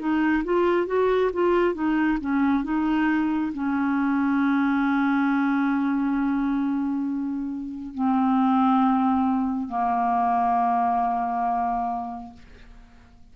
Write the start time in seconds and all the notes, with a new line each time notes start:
0.00 D#4
0.45 F4
0.87 F#4
1.34 F4
1.74 D#4
2.21 C#4
2.64 D#4
3.53 C#4
7.95 C4
9.69 A#3